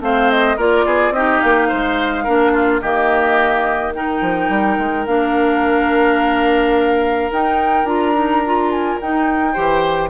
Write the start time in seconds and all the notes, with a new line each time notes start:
0.00 A3 C4 C5 F5
0.30 D#5
0.57 A#3 F4 A#4 D5
0.85 B3 G#4
1.10 C4 D#4 G4 D#5
1.40 A#3 F5
1.68 G#3 C5
2.23 A#3 D4 A#4
2.52 F4
2.80 D#3 A#3 G4 D#5
3.94 D#4 A#4 G5
4.21 F3
4.49 G3
4.78 G#3
5.06 A#3 D4 F5
7.31 D#4 G5
7.83 D4 F4 A#5
8.14 D#4
8.45 F4
8.70 G#5
9.01 D#4 G5
9.52 E3 G4 C5